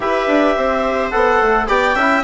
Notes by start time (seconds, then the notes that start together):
0.00 E4 G4 B4 E5
0.27 D4
0.56 C4 C5
1.10 B3 A4 F#5
1.41 A3
1.67 B3 G4 D5 G5
1.95 C#4 E4 E5